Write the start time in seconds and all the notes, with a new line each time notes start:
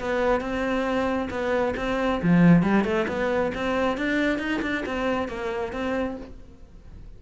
0.00 B3
0.41 C4
1.30 B3
1.77 C4
2.22 F3
2.63 G3
2.84 A3
3.08 B3
3.55 C4
3.97 D4
4.39 D#4
4.62 D4
4.86 C4
5.28 A#3
5.73 C4